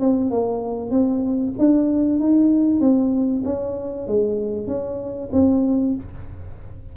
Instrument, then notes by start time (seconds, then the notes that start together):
tuba
0.00 C4
0.30 A#3
0.90 C4
1.58 D4
2.20 D#4
2.80 C4
3.45 C#4
4.07 G#3
4.67 C#4
5.32 C4